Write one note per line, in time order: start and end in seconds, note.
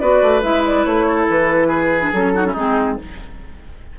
0.00 0.23 B3
0.00 0.42 F#4
0.00 1.07 B4
0.00 0.43 D5
0.23 0.43 A3
0.42 0.86 G#3
0.42 2.01 E4
0.42 0.64 E5
0.67 0.85 D5
0.85 1.29 A3
0.85 1.28 C#5
1.08 1.68 A4
1.29 2.13 E3
1.29 2.13 B4
1.68 2.32 G#4
2.01 2.12 D4
2.13 2.55 F#3
2.13 2.35 C#4
2.13 2.55 A4
2.35 2.45 D#4
2.35 2.47 F#4
2.45 2.56 C#4
2.45 2.53 E4
2.53 2.98 G#3
2.53 2.99 C4
2.53 2.96 D#4
2.53 2.99 G#4